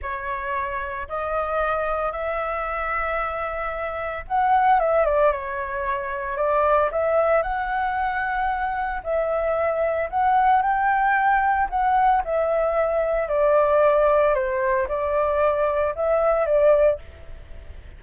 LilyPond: \new Staff \with { instrumentName = "flute" } { \time 4/4 \tempo 4 = 113 cis''2 dis''2 | e''1 | fis''4 e''8 d''8 cis''2 | d''4 e''4 fis''2~ |
fis''4 e''2 fis''4 | g''2 fis''4 e''4~ | e''4 d''2 c''4 | d''2 e''4 d''4 | }